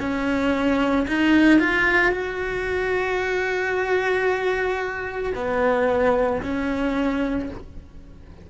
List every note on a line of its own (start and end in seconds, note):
0.00 1.07 C#4
1.08 1.60 D#4
1.60 2.12 F4
2.12 5.34 F#4
5.35 6.42 B3
6.43 7.50 C#4